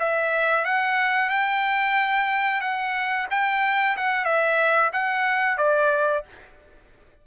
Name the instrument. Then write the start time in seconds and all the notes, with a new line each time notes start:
trumpet
0.00 E5
0.65 F#5
1.30 G5
2.61 F#5
3.31 G5
3.97 F#5
4.25 E5
4.93 F#5
5.58 D5